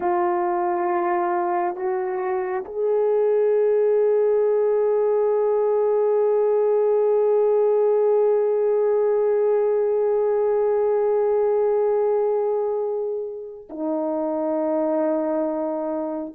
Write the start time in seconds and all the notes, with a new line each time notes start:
0.00 F4
1.76 F#4
2.65 G#4
13.69 D#4